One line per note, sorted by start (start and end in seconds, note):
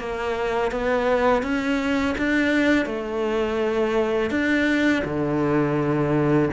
0.00 0.72 A#3
0.72 1.43 B3
1.43 2.16 C#4
2.18 2.87 D4
2.87 4.31 A3
4.31 5.03 D4
5.05 6.50 D3